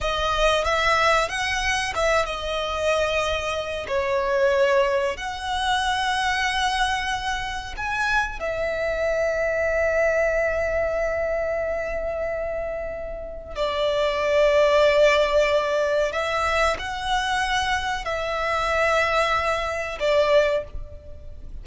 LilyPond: \new Staff \with { instrumentName = "violin" } { \time 4/4 \tempo 4 = 93 dis''4 e''4 fis''4 e''8 dis''8~ | dis''2 cis''2 | fis''1 | gis''4 e''2.~ |
e''1~ | e''4 d''2.~ | d''4 e''4 fis''2 | e''2. d''4 | }